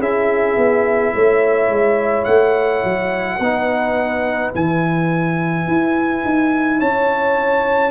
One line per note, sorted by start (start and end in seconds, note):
0.00 0.57 C#4
0.00 3.41 E4
0.00 1.14 G#4
0.00 2.25 E5
0.57 1.14 B3
1.15 1.69 A3
1.15 3.40 C#5
1.69 2.26 G#3
2.25 2.84 A3
2.25 4.51 F#5
2.85 3.40 F#3
3.40 4.53 B3
3.40 4.53 D#4
3.40 6.79 B4
4.53 5.68 E3
4.53 7.92 E4
4.53 6.81 G#5
5.68 6.24 E4
6.25 6.81 D#4
6.79 7.92 C#4
6.79 7.92 C#5
6.79 7.92 A5